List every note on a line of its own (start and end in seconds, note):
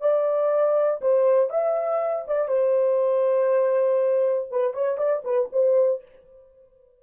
0.00 1.00 D5
1.01 1.50 C5
1.50 2.25 E5
2.27 2.48 D5
2.48 4.48 C5
4.50 4.73 B4
4.73 4.97 C#5
4.97 5.22 D5
5.24 5.49 B4
5.52 6.02 C5